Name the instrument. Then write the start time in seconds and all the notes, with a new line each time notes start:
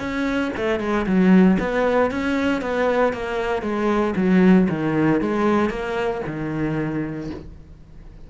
cello
0.00 C#4
0.57 A3
0.80 G#3
1.07 F#3
1.60 B3
2.11 C#4
2.62 B3
3.13 A#3
3.63 G#3
4.16 F#3
4.70 D#3
5.21 G#3
5.70 A#3
6.27 D#3